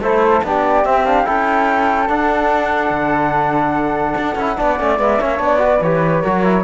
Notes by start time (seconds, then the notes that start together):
0.00 A3 E4 A4 C5
0.44 B3 D4 G4 D5
0.84 C4 E5
1.06 D4 F5
1.25 C#4 E4 A4 G5
2.08 D4 F#5
2.90 D3
4.18 D4
4.36 C#4 E4
4.57 B3 D4 D5
4.79 A3 C#4
4.98 G#3 B3 E5
5.21 A#3 C#4 C#5
5.38 B3 D4 D5
5.58 F#4 B4
5.82 E3 G4 C#5
6.22 F#3 F#4 A#4
6.44 E4